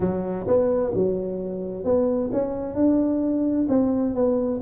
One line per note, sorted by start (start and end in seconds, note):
0.00 0.46 F#3
0.47 0.93 B3
0.94 1.84 F#3
1.84 2.30 B3
2.32 2.74 C#4
2.74 3.67 D4
3.69 4.14 C4
4.14 4.60 B3